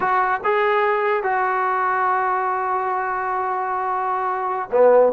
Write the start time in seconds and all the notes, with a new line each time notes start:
0.00 F#4
0.43 G#4
1.23 F#4
4.71 B3